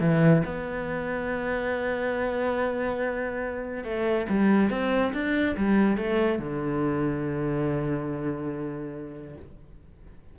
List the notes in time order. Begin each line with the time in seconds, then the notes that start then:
0.00 E3
0.45 B3
3.84 A3
4.29 G3
4.70 C4
5.13 D4
5.57 G3
5.97 A3
6.39 D3